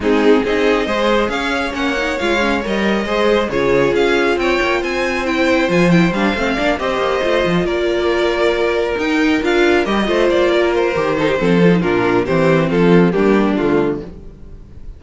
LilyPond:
<<
  \new Staff \with { instrumentName = "violin" } { \time 4/4 \tempo 4 = 137 gis'4 dis''2 f''4 | fis''4 f''4 dis''2 | cis''4 f''4 g''4 gis''4 | g''4 gis''8 g''8 f''4. dis''8~ |
dis''4. d''2~ d''8~ | d''8 g''4 f''4 dis''4 d''8~ | d''8 c''2~ c''8 ais'4 | c''4 a'4 g'4 f'4 | }
  \new Staff \with { instrumentName = "violin" } { \time 4/4 dis'4 gis'4 c''4 cis''4~ | cis''2. c''4 | gis'2 cis''4 c''4~ | c''2. d''8 c''8~ |
c''4. ais'2~ ais'8~ | ais'2. c''4 | ais'4. a'16 g'16 a'4 f'4 | g'4 f'4 d'2 | }
  \new Staff \with { instrumentName = "viola" } { \time 4/4 c'4 dis'4 gis'2 | cis'8 dis'8 f'8 cis'8 ais'4 gis'4 | f'1 | e'4 f'8 e'8 d'8 c'8 d'8 g'8~ |
g'8 f'2.~ f'8~ | f'8 dis'4 f'4 g'8 f'4~ | f'4 g'8 dis'8 c'8 f'16 dis'16 d'4 | c'2 ais4 a4 | }
  \new Staff \with { instrumentName = "cello" } { \time 4/4 gis4 c'4 gis4 cis'4 | ais4 gis4 g4 gis4 | cis4 cis'4 c'8 ais8 c'4~ | c'4 f4 g8 a8 ais8 c'8 |
ais8 a8 f8 ais2~ ais8~ | ais8 dis'4 d'4 g8 a8 ais8~ | ais4 dis4 f4 ais,4 | e4 f4 g4 d4 | }
>>